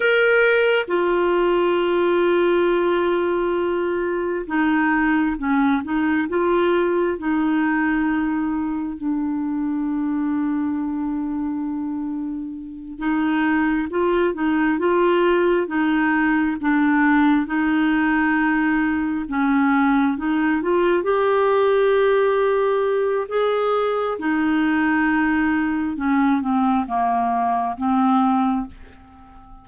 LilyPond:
\new Staff \with { instrumentName = "clarinet" } { \time 4/4 \tempo 4 = 67 ais'4 f'2.~ | f'4 dis'4 cis'8 dis'8 f'4 | dis'2 d'2~ | d'2~ d'8 dis'4 f'8 |
dis'8 f'4 dis'4 d'4 dis'8~ | dis'4. cis'4 dis'8 f'8 g'8~ | g'2 gis'4 dis'4~ | dis'4 cis'8 c'8 ais4 c'4 | }